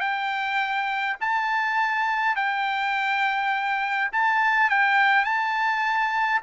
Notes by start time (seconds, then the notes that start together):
0.00 G5
1.20 A5
2.36 G5
4.12 A5
4.70 G5
5.25 A5